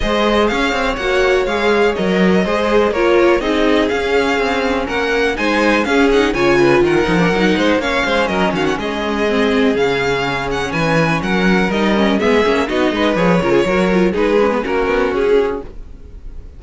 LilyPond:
<<
  \new Staff \with { instrumentName = "violin" } { \time 4/4 \tempo 4 = 123 dis''4 f''4 fis''4 f''4 | dis''2 cis''4 dis''4 | f''2 fis''4 gis''4 | f''8 fis''8 gis''4 fis''2 |
f''4 dis''8 f''16 fis''16 dis''2 | f''4. fis''8 gis''4 fis''4 | dis''4 e''4 dis''4 cis''4~ | cis''4 b'4 ais'4 gis'4 | }
  \new Staff \with { instrumentName = "violin" } { \time 4/4 c''4 cis''2.~ | cis''4 c''4 ais'4 gis'4~ | gis'2 ais'4 c''4 | gis'4 cis''8 b'8 ais'4. c''8 |
cis''8 c''8 ais'8 fis'8 gis'2~ | gis'2 b'4 ais'4~ | ais'4 gis'4 fis'8 b'4 ais'16 gis'16 | ais'4 gis'4 fis'2 | }
  \new Staff \with { instrumentName = "viola" } { \time 4/4 gis'2 fis'4 gis'4 | ais'4 gis'4 f'4 dis'4 | cis'2. dis'4 | cis'8 dis'8 f'4. dis'16 d'16 dis'4 |
cis'2. c'4 | cis'1 | dis'8 cis'8 b8 cis'8 dis'4 gis'8 f'8 | fis'8 f'8 dis'8 cis'16 b16 cis'2 | }
  \new Staff \with { instrumentName = "cello" } { \time 4/4 gis4 cis'8 c'8 ais4 gis4 | fis4 gis4 ais4 c'4 | cis'4 c'4 ais4 gis4 | cis'4 cis4 dis8 f8 fis8 gis8 |
ais8 gis8 fis8 dis8 gis2 | cis2 e4 fis4 | g4 gis8 ais8 b8 gis8 f8 cis8 | fis4 gis4 ais8 b8 cis'4 | }
>>